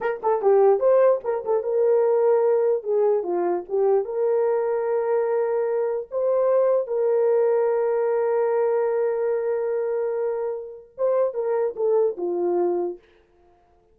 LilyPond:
\new Staff \with { instrumentName = "horn" } { \time 4/4 \tempo 4 = 148 ais'8 a'8 g'4 c''4 ais'8 a'8 | ais'2. gis'4 | f'4 g'4 ais'2~ | ais'2. c''4~ |
c''4 ais'2.~ | ais'1~ | ais'2. c''4 | ais'4 a'4 f'2 | }